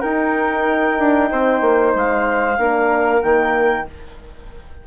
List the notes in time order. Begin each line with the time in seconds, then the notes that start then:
0.00 D#4 A#4 G5
0.98 D4
1.31 C4 C5
1.61 A#3
1.95 G#3 F5
2.58 A#3 D4 A#4
3.21 D#3 A#3 G5